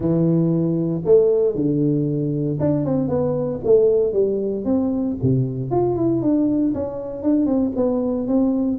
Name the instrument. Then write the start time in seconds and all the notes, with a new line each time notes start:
tuba
0.00 E3
1.04 A3
1.55 D3
2.60 D4
2.85 C4
3.08 B3
3.64 A3
4.12 G3
4.65 C4
5.22 C3
5.71 F4
5.96 E4
6.22 D4
6.74 C#4
7.22 D4
7.46 C4
7.75 B3
8.27 C4